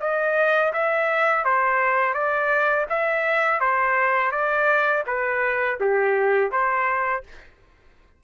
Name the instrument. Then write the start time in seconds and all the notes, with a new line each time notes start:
trumpet
0.00 D#5
0.72 E5
1.44 C5
2.13 D5
2.89 E5
3.60 C5
4.31 D5
5.06 B4
5.80 G4
6.51 C5